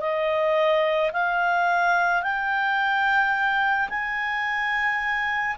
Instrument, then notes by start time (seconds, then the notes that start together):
clarinet
0.00 D#5
1.13 F5
2.23 G5
3.89 G#5